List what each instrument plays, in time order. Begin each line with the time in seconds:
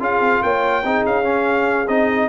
0.00 tuba C#4, trombone F4, horn G#4, trumpet F5
0.20 tuba C4
0.43 tuba A#3, horn C#5, trumpet G5
0.84 tuba C4, trombone D#4, horn G#4
1.05 tuba C#4, trumpet F5
1.24 trombone C#4
1.88 tuba C4, trombone D#4, trumpet D#5